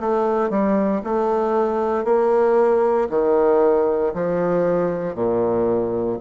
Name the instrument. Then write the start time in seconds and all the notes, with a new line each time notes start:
bassoon
0.00 A3
0.50 G3
1.04 A3
2.05 A#3
3.10 D#3
4.14 F3
5.15 A#2